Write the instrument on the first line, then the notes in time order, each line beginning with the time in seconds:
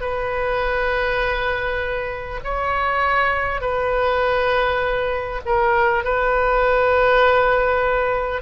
oboe
0.00 B4
2.44 C#5
3.61 B4
5.45 A#4
6.04 B4